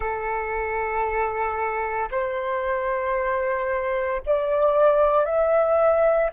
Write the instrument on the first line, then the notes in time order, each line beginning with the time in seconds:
flute
0.00 A4
2.11 C5
4.25 D5
5.25 E5